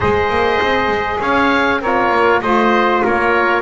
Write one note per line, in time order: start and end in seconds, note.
0.00 0.29 G#3
0.00 1.81 G#4
0.00 1.19 C5
0.00 1.20 D#5
0.29 0.59 A#3
0.61 0.87 C4
0.87 1.18 G#3
1.20 1.80 C#4
1.20 1.81 C#5
1.20 1.82 F5
1.80 2.11 C4
1.80 2.43 F4
1.80 2.41 A#4
1.80 2.41 C#5
2.11 2.41 A#3
2.41 3.02 A3
2.41 3.62 F4
2.41 3.04 C5
2.41 3.02 D#5
3.04 3.62 A#3
3.04 3.62 A#4
3.04 3.62 C#5